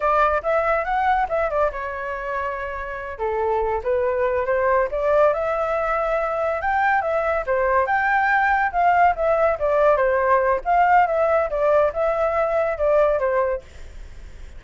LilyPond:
\new Staff \with { instrumentName = "flute" } { \time 4/4 \tempo 4 = 141 d''4 e''4 fis''4 e''8 d''8 | cis''2.~ cis''8 a'8~ | a'4 b'4. c''4 d''8~ | d''8 e''2. g''8~ |
g''8 e''4 c''4 g''4.~ | g''8 f''4 e''4 d''4 c''8~ | c''4 f''4 e''4 d''4 | e''2 d''4 c''4 | }